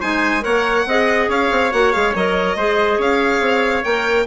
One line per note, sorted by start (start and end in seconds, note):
0.00 0.45 G#3
0.00 0.41 D#4
0.00 0.43 C5
0.00 0.44 G#5
0.41 0.86 A#3
0.41 0.83 A#4
0.41 0.86 C#5
0.41 1.29 F#5
0.86 1.28 C4
0.86 1.72 G#4
0.86 1.29 D#5
1.29 1.50 C#4
1.29 2.57 C#5
1.29 1.72 F5
1.51 1.72 C4
1.72 1.94 A#3
1.72 1.93 F#4
1.72 1.92 F#5
1.92 2.15 G#3
1.92 2.14 G#4
1.92 2.13 F5
2.15 2.56 F#3
2.15 2.58 A#4
2.15 3.01 D#5
2.56 2.98 G#3
2.56 3.84 G#4
2.56 2.98 C5
2.98 3.40 C#4
2.98 4.25 C#5
2.98 3.84 F5
3.40 3.83 C4
3.84 4.27 A#3
3.84 4.26 A#4
3.84 4.27 G5